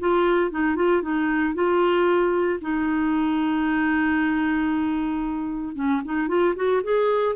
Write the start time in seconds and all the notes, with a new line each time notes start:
0.00 F4
0.51 D#4
0.76 F4
1.02 D#4
1.55 F4
2.61 D#4
5.76 C#4
6.05 D#4
6.28 F4
6.56 F#4
6.83 G#4